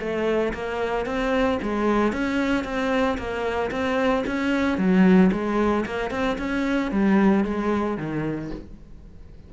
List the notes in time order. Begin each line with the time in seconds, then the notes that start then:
0.00 A3
0.54 A#3
1.06 C4
1.62 G#3
2.13 C#4
2.65 C4
3.18 A#3
3.71 C4
4.27 C#4
4.78 F#3
5.32 G#3
5.86 A#3
6.11 C4
6.38 C#4
6.92 G3
7.45 G#3
7.98 D#3